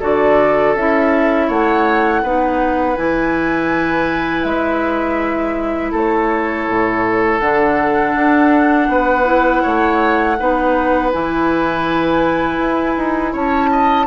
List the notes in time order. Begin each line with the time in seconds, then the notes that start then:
0.00 D3 F#4 A4 D5
0.75 C#4 E4 E5
1.47 A3 C#5 F#5
2.23 B3 D#4 B4
2.96 E3 E4 G#5
4.43 G#3 E5
5.91 A3 A4 C#5
6.69 A2
7.39 D3 D4 F#5
8.15 D4
8.88 B3 B4
9.25 E4
9.62 A3 C#5
10.39 B3 D#4 B4
11.12 E3 E4 G#5
12.58 E4
12.97 D#4
13.32 C#4 C#5 A5
13.71 D#5